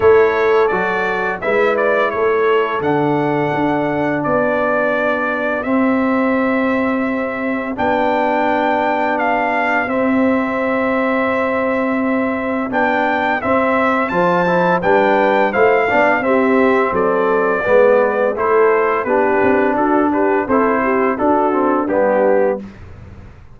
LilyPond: <<
  \new Staff \with { instrumentName = "trumpet" } { \time 4/4 \tempo 4 = 85 cis''4 d''4 e''8 d''8 cis''4 | fis''2 d''2 | e''2. g''4~ | g''4 f''4 e''2~ |
e''2 g''4 e''4 | a''4 g''4 f''4 e''4 | d''2 c''4 b'4 | a'8 b'8 c''4 a'4 g'4 | }
  \new Staff \with { instrumentName = "horn" } { \time 4/4 a'2 b'4 a'4~ | a'2 g'2~ | g'1~ | g'1~ |
g'1 | c''4 b'4 c''8 d''8 g'4 | a'4 b'4 a'4 g'4 | fis'8 g'8 a'8 g'8 fis'4 d'4 | }
  \new Staff \with { instrumentName = "trombone" } { \time 4/4 e'4 fis'4 e'2 | d'1 | c'2. d'4~ | d'2 c'2~ |
c'2 d'4 c'4 | f'8 e'8 d'4 e'8 d'8 c'4~ | c'4 b4 e'4 d'4~ | d'4 e'4 d'8 c'8 b4 | }
  \new Staff \with { instrumentName = "tuba" } { \time 4/4 a4 fis4 gis4 a4 | d4 d'4 b2 | c'2. b4~ | b2 c'2~ |
c'2 b4 c'4 | f4 g4 a8 b8 c'4 | fis4 gis4 a4 b8 c'8 | d'4 c'4 d'4 g4 | }
>>